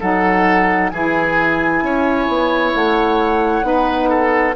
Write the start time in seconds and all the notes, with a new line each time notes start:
0.00 F#3 D#4 A4 F#5
0.89 E3 E4 G#4 G#5
1.82 C#4 C#5
2.28 B3
2.75 A3 F#5
3.62 B3 D#4 B4
4.09 A4